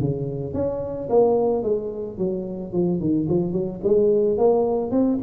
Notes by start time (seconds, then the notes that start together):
0.00 C#3
0.54 C#4
1.10 A#3
1.63 G#3
2.18 F#3
2.73 F3
3.00 D#3
3.29 F3
3.53 F#3
3.84 G#3
4.38 A#3
4.91 C4